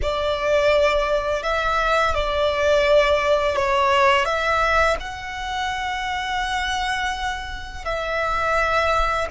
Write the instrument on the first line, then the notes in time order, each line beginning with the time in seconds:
violin
0.02 D5
1.43 E5
2.14 D5
3.56 C#5
4.25 E5
4.99 F#5
7.84 E5